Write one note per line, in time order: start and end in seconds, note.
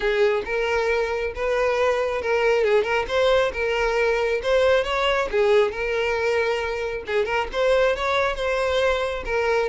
0.00 0.43 G#4
0.45 1.33 A#4
1.35 2.21 B4
2.21 2.64 A#4
2.64 2.83 G#4
2.83 3.05 A#4
3.08 3.52 C5
3.53 4.41 A#4
4.43 4.84 C5
4.84 5.28 C#5
5.31 5.71 G#4
5.71 7.04 A#4
7.06 7.25 G#4
7.25 7.47 A#4
7.52 7.96 C5
7.96 8.35 C#5
8.35 9.23 C5
9.25 9.69 A#4